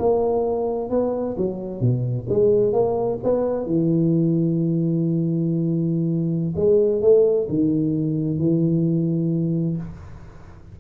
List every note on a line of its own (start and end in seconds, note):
0.00 0.90 A#3
0.90 1.36 B3
1.37 1.81 F#3
1.81 2.27 B2
2.30 2.73 G#3
2.73 3.19 A#3
3.24 3.66 B3
3.66 6.55 E3
6.56 7.02 G#3
7.02 7.48 A3
7.50 8.39 D#3
8.39 9.77 E3